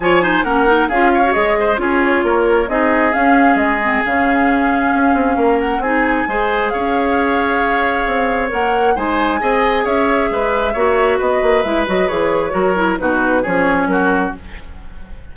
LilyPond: <<
  \new Staff \with { instrumentName = "flute" } { \time 4/4 \tempo 4 = 134 gis''4 fis''4 f''4 dis''4 | cis''2 dis''4 f''4 | dis''4 f''2.~ | f''8 fis''8 gis''2 f''4~ |
f''2. fis''4 | gis''2 e''2~ | e''4 dis''4 e''8 dis''8 cis''4~ | cis''4 b'4 cis''4 ais'4 | }
  \new Staff \with { instrumentName = "oboe" } { \time 4/4 cis''8 c''8 ais'4 gis'8 cis''4 c''8 | gis'4 ais'4 gis'2~ | gis'1 | ais'4 gis'4 c''4 cis''4~ |
cis''1 | c''4 dis''4 cis''4 b'4 | cis''4 b'2. | ais'4 fis'4 gis'4 fis'4 | }
  \new Staff \with { instrumentName = "clarinet" } { \time 4/4 f'8 dis'8 cis'8 dis'8 f'8. fis'16 gis'4 | f'2 dis'4 cis'4~ | cis'8 c'8 cis'2.~ | cis'4 dis'4 gis'2~ |
gis'2. ais'4 | dis'4 gis'2. | fis'2 e'8 fis'8 gis'4 | fis'8 e'8 dis'4 cis'2 | }
  \new Staff \with { instrumentName = "bassoon" } { \time 4/4 f4 ais4 cis'4 gis4 | cis'4 ais4 c'4 cis'4 | gis4 cis2 cis'8 c'8 | ais4 c'4 gis4 cis'4~ |
cis'2 c'4 ais4 | gis4 c'4 cis'4 gis4 | ais4 b8 ais8 gis8 fis8 e4 | fis4 b,4 f4 fis4 | }
>>